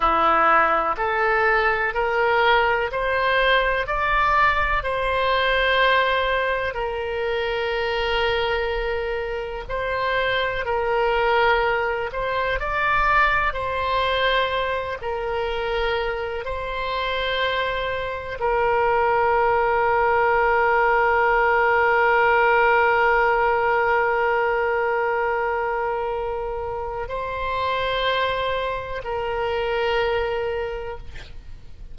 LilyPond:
\new Staff \with { instrumentName = "oboe" } { \time 4/4 \tempo 4 = 62 e'4 a'4 ais'4 c''4 | d''4 c''2 ais'4~ | ais'2 c''4 ais'4~ | ais'8 c''8 d''4 c''4. ais'8~ |
ais'4 c''2 ais'4~ | ais'1~ | ais'1 | c''2 ais'2 | }